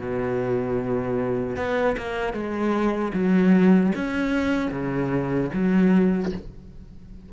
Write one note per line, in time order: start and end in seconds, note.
0.00 1.57 B2
1.57 1.97 B3
1.98 2.34 A#3
2.34 3.13 G#3
3.14 3.93 F#3
3.95 4.72 C#4
4.72 5.50 C#3
5.54 6.33 F#3